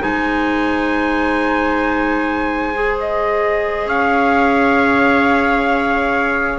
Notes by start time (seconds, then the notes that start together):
0.00 G#3 D#4 C5 G#5
2.75 G#4
3.00 D#5
3.86 C#4 C#5 F5